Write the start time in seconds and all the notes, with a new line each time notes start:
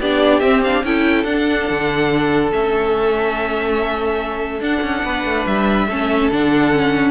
0.00 B3 D4 G4 D5
0.40 C4 E5
0.63 D4 F5
0.83 C#4 E4 A4 G5
1.24 D4 F#5
1.70 D3
2.51 A3 C#4 E5
4.60 D4 F#5
4.82 C#4
5.03 B3 B4
5.25 A3
5.46 G3 E5
5.88 A3 C#4 A4
6.31 D3 D4 F#5
6.72 C#4